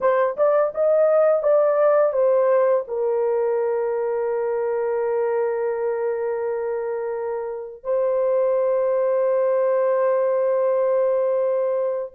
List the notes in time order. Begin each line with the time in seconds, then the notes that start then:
0.00 C5
0.36 D5
0.74 D#5
1.43 D5
2.12 C5
2.87 A#4
7.83 C5